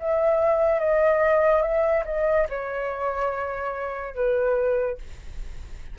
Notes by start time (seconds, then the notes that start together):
0.00 E5
0.80 D#5
1.62 E5
2.06 D#5
2.49 C#5
4.15 B4